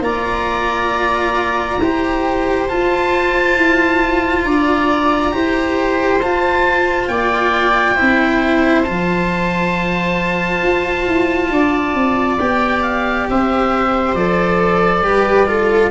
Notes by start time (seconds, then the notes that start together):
0.00 A#3 F4 D5 A#5
1.78 E4 G4 C5
2.68 F4 A5
3.56 E4
4.44 D4 D5 A#5
5.32 E4 G4 C5
6.21 F4 A5
7.08 A#3 D5 G5
7.95 C4 E4 C5
8.83 F3 F4 A5
10.62 F4
11.07 E4
11.50 D4 D5
11.94 C4
12.39 B3 G4 G5
12.83 F5
13.29 C4 C5 E5
14.14 F3 A4 D5
15.01 G3 G4 B4
15.47 F4 A4